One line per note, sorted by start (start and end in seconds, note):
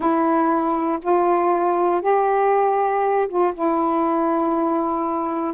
0.00 0.99 E4
1.02 2.01 F4
2.01 3.28 G4
3.28 3.53 F4
3.54 5.53 E4